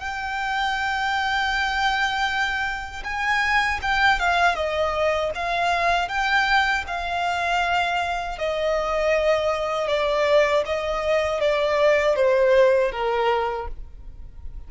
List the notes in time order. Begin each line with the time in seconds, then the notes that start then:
0.00 G5
3.04 G#5
3.82 G5
4.20 F5
4.55 D#5
5.35 F5
6.09 G5
6.88 F5
8.39 D#5
9.88 D5
10.66 D#5
11.41 D5
12.16 C5
12.92 A#4